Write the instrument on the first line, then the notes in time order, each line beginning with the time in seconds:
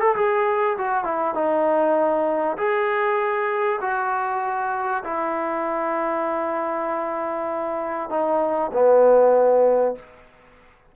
trombone
0.00 A4
0.16 G#4
0.78 F#4
1.04 E4
1.34 D#4
2.57 G#4
3.81 F#4
5.04 E4
8.09 D#4
8.73 B3